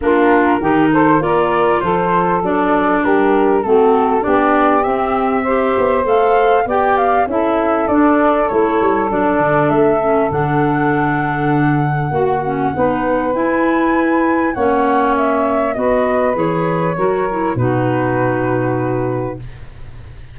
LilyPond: <<
  \new Staff \with { instrumentName = "flute" } { \time 4/4 \tempo 4 = 99 ais'4. c''8 d''4 c''4 | d''4 ais'4 a'4 d''4 | e''2 f''4 g''8 f''8 | e''4 d''4 cis''4 d''4 |
e''4 fis''2.~ | fis''2 gis''2 | fis''4 e''4 dis''4 cis''4~ | cis''4 b'2. | }
  \new Staff \with { instrumentName = "saxophone" } { \time 4/4 f'4 g'8 a'8 ais'4 a'4~ | a'4 g'4 fis'4 g'4~ | g'4 c''2 d''4 | a'1~ |
a'1 | fis'4 b'2. | cis''2 b'2 | ais'4 fis'2. | }
  \new Staff \with { instrumentName = "clarinet" } { \time 4/4 d'4 dis'4 f'2 | d'2 c'4 d'4 | c'4 g'4 a'4 g'4 | e'4 d'4 e'4 d'4~ |
d'8 cis'8 d'2. | fis'8 cis'8 dis'4 e'2 | cis'2 fis'4 gis'4 | fis'8 e'8 dis'2. | }
  \new Staff \with { instrumentName = "tuba" } { \time 4/4 ais4 dis4 ais4 f4 | fis4 g4 a4 b4 | c'4. b8 a4 b4 | cis'4 d'4 a8 g8 fis8 d8 |
a4 d2. | ais4 b4 e'2 | ais2 b4 e4 | fis4 b,2. | }
>>